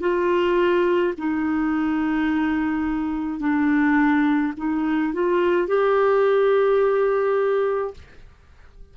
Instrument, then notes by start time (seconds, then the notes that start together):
clarinet
0.00 F4
1.18 D#4
3.40 D4
4.57 D#4
5.13 F4
5.68 G4